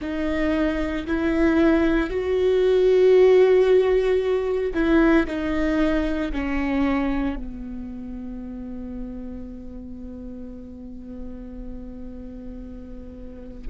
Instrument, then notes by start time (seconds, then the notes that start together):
viola
0.00 D#4
1.07 E4
2.10 F#4
4.74 E4
5.26 D#4
6.32 C#4
7.36 B3